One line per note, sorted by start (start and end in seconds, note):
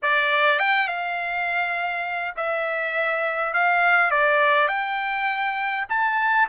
0.02 0.59 D5
0.59 0.87 G5
0.87 2.34 F5
2.36 3.53 E5
3.53 4.10 F5
4.10 4.68 D5
4.68 5.85 G5
5.89 6.48 A5